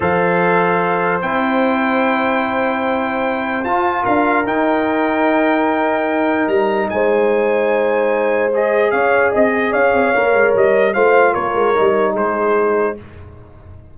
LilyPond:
<<
  \new Staff \with { instrumentName = "trumpet" } { \time 4/4 \tempo 4 = 148 f''2. g''4~ | g''1~ | g''4 a''4 f''4 g''4~ | g''1 |
ais''4 gis''2.~ | gis''4 dis''4 f''4 dis''4 | f''2 dis''4 f''4 | cis''2 c''2 | }
  \new Staff \with { instrumentName = "horn" } { \time 4/4 c''1~ | c''1~ | c''2 ais'2~ | ais'1~ |
ais'4 c''2.~ | c''2 cis''4 dis''4 | cis''2. c''4 | ais'2 gis'2 | }
  \new Staff \with { instrumentName = "trombone" } { \time 4/4 a'2. e'4~ | e'1~ | e'4 f'2 dis'4~ | dis'1~ |
dis'1~ | dis'4 gis'2.~ | gis'4 ais'2 f'4~ | f'4 dis'2. | }
  \new Staff \with { instrumentName = "tuba" } { \time 4/4 f2. c'4~ | c'1~ | c'4 f'4 d'4 dis'4~ | dis'1 |
g4 gis2.~ | gis2 cis'4 c'4 | cis'8 c'8 ais8 gis8 g4 a4 | ais8 gis8 g4 gis2 | }
>>